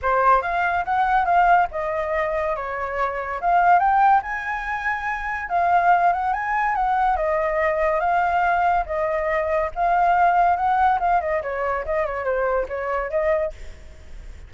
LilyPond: \new Staff \with { instrumentName = "flute" } { \time 4/4 \tempo 4 = 142 c''4 f''4 fis''4 f''4 | dis''2 cis''2 | f''4 g''4 gis''2~ | gis''4 f''4. fis''8 gis''4 |
fis''4 dis''2 f''4~ | f''4 dis''2 f''4~ | f''4 fis''4 f''8 dis''8 cis''4 | dis''8 cis''8 c''4 cis''4 dis''4 | }